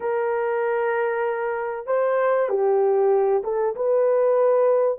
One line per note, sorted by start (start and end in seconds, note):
0.00 1.86 A#4
1.86 2.49 C5
2.49 3.43 G4
3.43 3.75 A4
3.75 4.98 B4